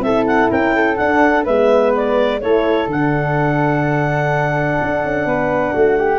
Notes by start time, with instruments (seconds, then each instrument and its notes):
0.00 tuba C4, horn E4, flute A4, clarinet E5
0.27 clarinet F#5
0.51 tuba C#4, flute A#4, clarinet G5
0.75 flute A4
0.97 horn D4, tuba D4, clarinet F#5
1.44 tuba G#3, horn B3, flute B4, clarinet E5
1.96 clarinet D5
2.41 tuba A3, horn E4, flute A4, clarinet C#5
2.88 tuba D3, horn D4, clarinet F#5
4.82 tuba D4
5.04 tuba C#4
5.25 tuba B3, flute B4
5.73 tuba A3, flute F#4
5.98 flute G4